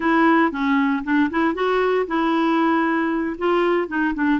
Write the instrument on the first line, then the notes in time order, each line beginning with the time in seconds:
clarinet
0.00 E4
0.51 C#4
1.04 D4
1.30 E4
1.54 F#4
2.07 E4
3.38 F4
3.88 D#4
4.14 D4